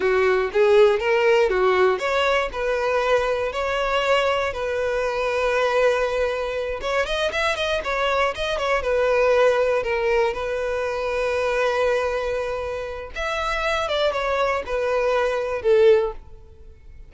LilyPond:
\new Staff \with { instrumentName = "violin" } { \time 4/4 \tempo 4 = 119 fis'4 gis'4 ais'4 fis'4 | cis''4 b'2 cis''4~ | cis''4 b'2.~ | b'4. cis''8 dis''8 e''8 dis''8 cis''8~ |
cis''8 dis''8 cis''8 b'2 ais'8~ | ais'8 b'2.~ b'8~ | b'2 e''4. d''8 | cis''4 b'2 a'4 | }